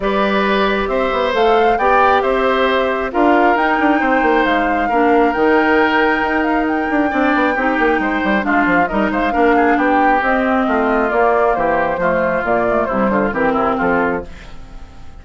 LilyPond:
<<
  \new Staff \with { instrumentName = "flute" } { \time 4/4 \tempo 4 = 135 d''2 e''4 f''4 | g''4 e''2 f''4 | g''2 f''2 | g''2~ g''8 f''8 g''4~ |
g''2. f''4 | dis''8 f''4. g''4 dis''4~ | dis''4 d''4 c''2 | d''4 c''4 ais'4 a'4 | }
  \new Staff \with { instrumentName = "oboe" } { \time 4/4 b'2 c''2 | d''4 c''2 ais'4~ | ais'4 c''2 ais'4~ | ais'1 |
d''4 g'4 c''4 f'4 | ais'8 c''8 ais'8 gis'8 g'2 | f'2 g'4 f'4~ | f'4 e'8 f'8 g'8 e'8 f'4 | }
  \new Staff \with { instrumentName = "clarinet" } { \time 4/4 g'2. a'4 | g'2. f'4 | dis'2. d'4 | dis'1 |
d'4 dis'2 d'4 | dis'4 d'2 c'4~ | c'4 ais2 a4 | ais8 a8 g4 c'2 | }
  \new Staff \with { instrumentName = "bassoon" } { \time 4/4 g2 c'8 b8 a4 | b4 c'2 d'4 | dis'8 d'8 c'8 ais8 gis4 ais4 | dis2 dis'4. d'8 |
c'8 b8 c'8 ais8 gis8 g8 gis8 f8 | g8 gis8 ais4 b4 c'4 | a4 ais4 e4 f4 | ais,4 c8 d8 e8 c8 f4 | }
>>